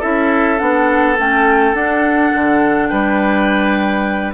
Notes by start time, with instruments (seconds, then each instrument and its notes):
0.00 bassoon C#4, clarinet E4, oboe A4, flute E5
0.59 bassoon B3, clarinet D4, flute F#5
1.19 bassoon A3, clarinet C#4, flute G5
1.74 bassoon D4, clarinet D4, flute F#5
2.35 bassoon D3
2.88 bassoon G3, oboe B4, flute G5